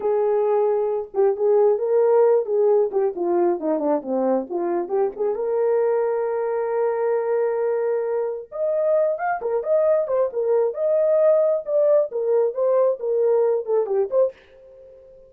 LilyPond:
\new Staff \with { instrumentName = "horn" } { \time 4/4 \tempo 4 = 134 gis'2~ gis'8 g'8 gis'4 | ais'4. gis'4 g'8 f'4 | dis'8 d'8 c'4 f'4 g'8 gis'8 | ais'1~ |
ais'2. dis''4~ | dis''8 f''8 ais'8 dis''4 c''8 ais'4 | dis''2 d''4 ais'4 | c''4 ais'4. a'8 g'8 c''8 | }